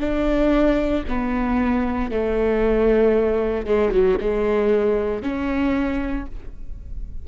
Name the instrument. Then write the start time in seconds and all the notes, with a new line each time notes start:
viola
0.00 D4
1.08 B3
2.11 A3
3.66 G#3
3.92 F#3
4.20 G#3
5.22 C#4